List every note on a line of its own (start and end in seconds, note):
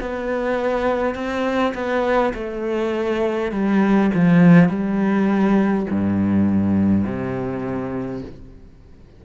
0.00 1.14 B3
1.14 1.73 C4
1.74 2.33 B3
2.34 3.52 A3
3.52 4.11 G3
4.14 4.69 F3
4.69 5.87 G3
5.90 7.04 G2
7.04 8.22 C3